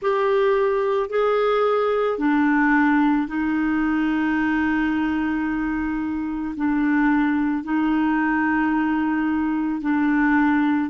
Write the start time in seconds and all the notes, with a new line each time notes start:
0.01 G4
1.09 G#4
2.18 D4
3.27 D#4
6.56 D4
7.64 D#4
9.81 D4